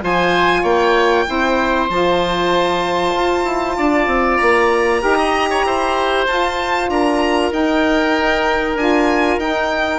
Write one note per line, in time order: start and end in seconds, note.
0.00 0.63 F3
0.00 1.25 F4
0.00 0.62 C5
0.00 0.65 G#5
0.62 1.26 A#3
0.62 1.25 C#5
0.62 1.90 G5
1.26 1.89 C4
1.26 1.88 E4
1.26 3.77 C5
1.89 3.14 F3
1.89 5.01 F4
1.89 4.37 A5
3.15 3.44 F4
3.44 3.76 E4
3.77 4.07 D4
3.77 5.02 D5
4.07 4.38 C4
4.37 5.03 A#3
4.37 6.24 A#5
5.01 5.64 D#4
5.01 6.26 G4
5.01 5.17 A#4
5.18 5.49 D#5
5.50 5.66 C#5
5.64 6.27 E4
5.64 6.91 C5
6.27 7.52 F4
6.27 6.89 F4
6.27 6.89 A5
6.89 7.51 D4
6.89 9.99 A#4
6.89 7.52 A#5
7.51 8.75 D#4
7.51 8.77 D#4
7.51 8.77 G5
8.75 9.38 D4
8.75 9.40 F4
8.75 9.39 G#5
9.38 9.99 D#4
9.38 9.99 G5